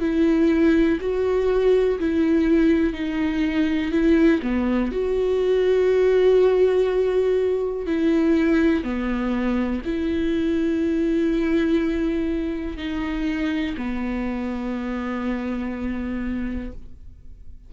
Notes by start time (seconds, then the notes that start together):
0.00 E4
1.01 F#4
1.99 E4
2.93 D#4
3.92 E4
4.43 B3
4.92 F#4
7.87 E4
8.83 B3
9.85 E4
12.77 D#4
13.77 B3